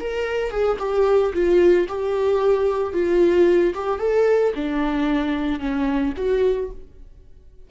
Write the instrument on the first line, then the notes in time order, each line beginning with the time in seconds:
viola
0.00 A#4
0.51 G#4
0.79 G4
1.34 F4
1.88 G4
2.93 F4
3.75 G4
3.99 A4
4.55 D4
5.60 C#4
6.17 F#4